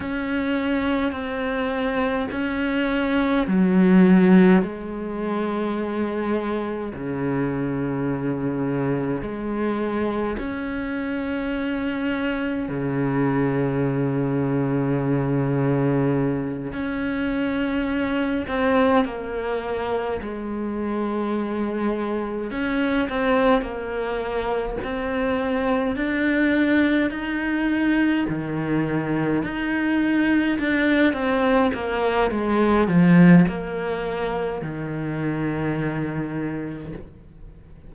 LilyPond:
\new Staff \with { instrumentName = "cello" } { \time 4/4 \tempo 4 = 52 cis'4 c'4 cis'4 fis4 | gis2 cis2 | gis4 cis'2 cis4~ | cis2~ cis8 cis'4. |
c'8 ais4 gis2 cis'8 | c'8 ais4 c'4 d'4 dis'8~ | dis'8 dis4 dis'4 d'8 c'8 ais8 | gis8 f8 ais4 dis2 | }